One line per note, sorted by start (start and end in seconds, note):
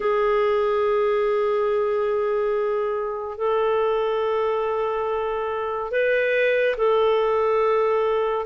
0.00 3.37 G#4
3.37 5.91 A4
5.91 6.75 B4
6.77 8.45 A4